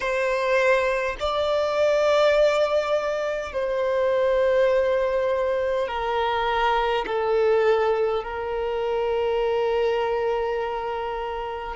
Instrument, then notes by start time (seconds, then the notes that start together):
violin
0.00 C5
1.19 D5
3.52 C5
5.87 A#4
7.06 A4
8.23 A#4